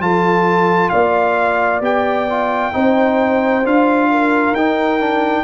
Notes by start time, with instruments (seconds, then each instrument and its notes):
0.00 tuba F3, trombone F4, horn A4, trumpet A5
0.89 tuba A#3, horn D5, trumpet F5
1.81 tuba B3, trombone G4, trumpet G5
2.30 trombone F4
2.73 tuba C4, trombone D#4, horn C5
3.64 tuba D4, trombone F4, trumpet F5
4.11 horn A#4
4.52 tuba D#4, trombone D#4, trumpet G5
5.01 trombone D4